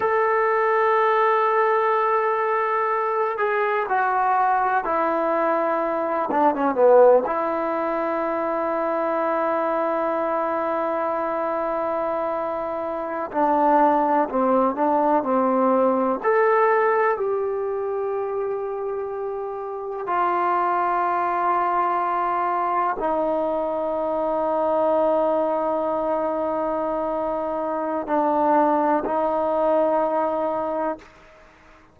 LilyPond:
\new Staff \with { instrumentName = "trombone" } { \time 4/4 \tempo 4 = 62 a'2.~ a'8 gis'8 | fis'4 e'4. d'16 cis'16 b8 e'8~ | e'1~ | e'4.~ e'16 d'4 c'8 d'8 c'16~ |
c'8. a'4 g'2~ g'16~ | g'8. f'2. dis'16~ | dis'1~ | dis'4 d'4 dis'2 | }